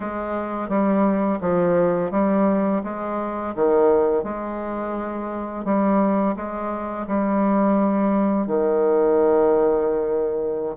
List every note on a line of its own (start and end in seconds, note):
0.00 0.68 G#3
0.68 1.39 G3
1.41 2.11 F3
2.11 2.81 G3
2.83 3.54 G#3
3.55 4.23 D#3
4.23 5.64 G#3
5.64 6.35 G3
6.35 7.06 G#3
7.07 8.46 G3
8.46 10.76 D#3